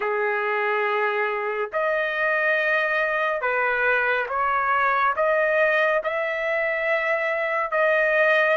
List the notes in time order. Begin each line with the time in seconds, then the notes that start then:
0.00 G#4
1.73 D#5
3.41 B4
4.29 C#5
5.15 D#5
6.03 E5
7.71 D#5